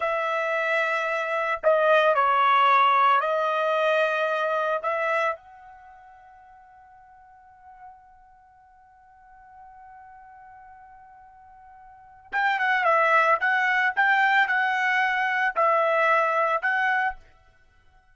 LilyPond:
\new Staff \with { instrumentName = "trumpet" } { \time 4/4 \tempo 4 = 112 e''2. dis''4 | cis''2 dis''2~ | dis''4 e''4 fis''2~ | fis''1~ |
fis''1~ | fis''2. g''8 fis''8 | e''4 fis''4 g''4 fis''4~ | fis''4 e''2 fis''4 | }